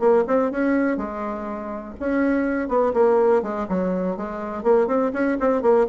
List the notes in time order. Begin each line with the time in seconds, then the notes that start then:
0.00 A#3
0.27 C4
0.52 C#4
0.97 G#3
2.00 C#4
2.69 B3
2.94 A#3
3.43 G#3
3.69 F#3
4.17 G#3
4.64 A#3
4.88 C4
5.14 C#4
5.40 C4
5.62 A#3